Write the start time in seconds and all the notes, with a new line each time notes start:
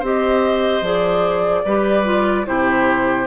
0.00 C4 G4 C5
0.06 D#5
0.82 F3 G#4 D5
1.65 G3 G4 B4
2.05 F4
2.46 C3 E4 G4 C5